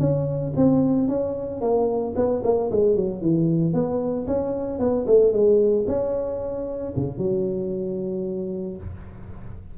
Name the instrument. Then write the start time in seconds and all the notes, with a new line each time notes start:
tuba
0.00 C#4
0.56 C4
1.09 C#4
1.61 A#3
2.16 B3
2.44 A#3
2.71 G#3
2.96 F#3
3.21 E3
3.74 B3
4.27 C#4
4.79 B3
5.07 A3
5.33 G#3
5.88 C#4
6.96 C#3
7.18 F#3